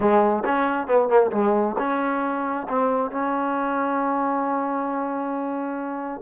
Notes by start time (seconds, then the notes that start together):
0.00 G#3
0.44 C#4
0.87 B3
1.08 A#3
1.31 G#3
1.78 C#4
2.68 C4
3.11 C#4